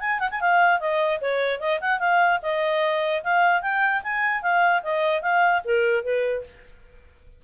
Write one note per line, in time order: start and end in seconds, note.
0.00 0.19 G#5
0.19 0.29 F#5
0.30 0.40 G#5
0.41 0.80 F5
0.80 1.20 D#5
1.21 1.60 C#5
1.60 1.80 D#5
1.81 2.00 F#5
2.00 2.40 F5
2.42 3.23 D#5
3.23 3.62 F5
3.62 4.02 G5
4.03 4.42 G#5
4.42 4.82 F5
4.83 5.22 D#5
5.22 5.62 F5
5.65 6.04 A#4
6.04 6.44 B4